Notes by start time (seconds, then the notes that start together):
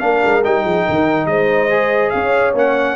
0.00 A#3 D4 A#4 F5
0.24 G#3
0.44 G3 D#4 G5
0.64 F3 G#4
0.85 D#3 A#4
1.26 G#3 C5 D#5
1.70 G#4
2.10 C#4 C#5 F5
2.54 A#3 C#4 F#5